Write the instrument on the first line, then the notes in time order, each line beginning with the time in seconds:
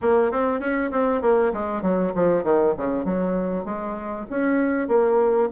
bassoon
0.01 A#3
0.31 C4
0.60 C#4
0.91 C4
1.21 A#3
1.53 G#3
1.82 F#3
2.15 F3
2.43 D#3
2.77 C#3
3.04 F#3
3.64 G#3
4.30 C#4
4.88 A#3